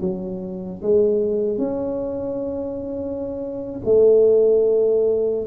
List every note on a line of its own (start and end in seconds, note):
0.00 0.81 F#3
0.81 1.57 G#3
1.57 3.80 C#4
3.84 5.47 A3